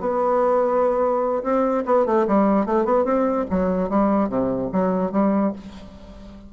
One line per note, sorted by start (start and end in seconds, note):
0.00 1.43 B3
1.43 1.84 C4
1.85 2.06 B3
2.06 2.26 A3
2.27 2.66 G3
2.66 2.85 A3
2.85 3.04 B3
3.04 3.45 C4
3.50 3.89 F#3
3.89 4.29 G3
4.29 4.70 C3
4.72 5.12 F#3
5.12 5.53 G3